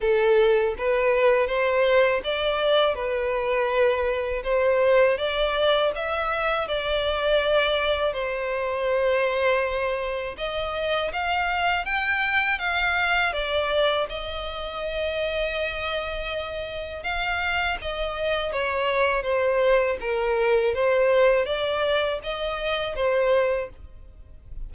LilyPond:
\new Staff \with { instrumentName = "violin" } { \time 4/4 \tempo 4 = 81 a'4 b'4 c''4 d''4 | b'2 c''4 d''4 | e''4 d''2 c''4~ | c''2 dis''4 f''4 |
g''4 f''4 d''4 dis''4~ | dis''2. f''4 | dis''4 cis''4 c''4 ais'4 | c''4 d''4 dis''4 c''4 | }